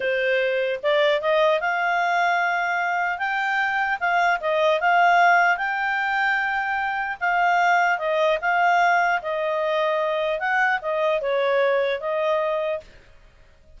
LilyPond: \new Staff \with { instrumentName = "clarinet" } { \time 4/4 \tempo 4 = 150 c''2 d''4 dis''4 | f''1 | g''2 f''4 dis''4 | f''2 g''2~ |
g''2 f''2 | dis''4 f''2 dis''4~ | dis''2 fis''4 dis''4 | cis''2 dis''2 | }